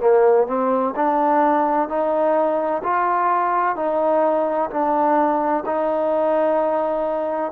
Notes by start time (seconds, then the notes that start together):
0.00 A#3
0.47 C4
0.96 D4
1.89 D#4
2.83 F4
3.76 D#4
4.70 D4
5.66 D#4